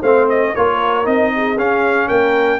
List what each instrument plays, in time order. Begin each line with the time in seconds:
0.00 tuba A3, trombone C4, horn C5, trumpet F5
0.29 trumpet D#5
0.54 tuba A#3, trombone F4, horn A#4, trumpet C#5
1.04 tuba C4, trombone D#4, trumpet D#5
1.35 horn G#4
1.56 tuba C#4, trombone C#4, trumpet F5
2.07 tuba A#3, horn A#4, trumpet G5